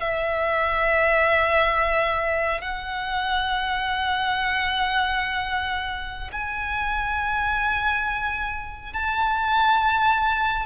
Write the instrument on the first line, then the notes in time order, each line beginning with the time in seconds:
violin
0.00 E5
2.61 F#5
6.32 G#5
8.93 A5